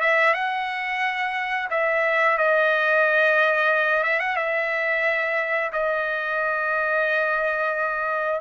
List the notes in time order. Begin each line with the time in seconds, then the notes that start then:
0.00 E5
0.34 F#5
1.70 E5
2.37 D#5
4.03 E5
4.20 F#5
4.36 E5
5.72 D#5